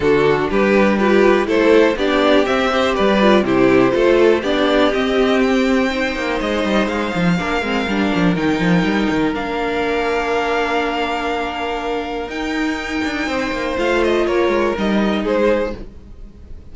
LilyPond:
<<
  \new Staff \with { instrumentName = "violin" } { \time 4/4 \tempo 4 = 122 a'4 b'4 g'4 c''4 | d''4 e''4 d''4 c''4~ | c''4 d''4 dis''4 g''4~ | g''4 dis''4 f''2~ |
f''4 g''2 f''4~ | f''1~ | f''4 g''2. | f''8 dis''8 cis''4 dis''4 c''4 | }
  \new Staff \with { instrumentName = "violin" } { \time 4/4 fis'4 g'4 b'4 a'4 | g'4. c''8 b'4 g'4 | a'4 g'2. | c''2. ais'4~ |
ais'1~ | ais'1~ | ais'2. c''4~ | c''4 ais'2 gis'4 | }
  \new Staff \with { instrumentName = "viola" } { \time 4/4 d'2 f'4 e'4 | d'4 c'8 g'4 f'8 e'4 | f'4 d'4 c'2 | dis'2. d'8 c'8 |
d'4 dis'2 d'4~ | d'1~ | d'4 dis'2. | f'2 dis'2 | }
  \new Staff \with { instrumentName = "cello" } { \time 4/4 d4 g2 a4 | b4 c'4 g4 c4 | a4 b4 c'2~ | c'8 ais8 gis8 g8 gis8 f8 ais8 gis8 |
g8 f8 dis8 f8 g8 dis8 ais4~ | ais1~ | ais4 dis'4. d'8 c'8 ais8 | a4 ais8 gis8 g4 gis4 | }
>>